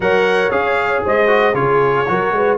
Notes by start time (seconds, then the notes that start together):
0.00 F#3 A#4 C#5 F#5
0.50 C#4 G#4 F5
1.04 G#3 C5 D#5
1.27 F#4
1.54 C#3 F4 G#4 C#5
2.08 F#3 F#4 A#4
2.31 G#3 B4